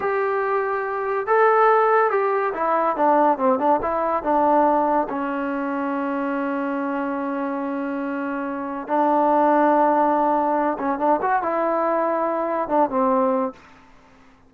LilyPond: \new Staff \with { instrumentName = "trombone" } { \time 4/4 \tempo 4 = 142 g'2. a'4~ | a'4 g'4 e'4 d'4 | c'8 d'8 e'4 d'2 | cis'1~ |
cis'1~ | cis'4 d'2.~ | d'4. cis'8 d'8 fis'8 e'4~ | e'2 d'8 c'4. | }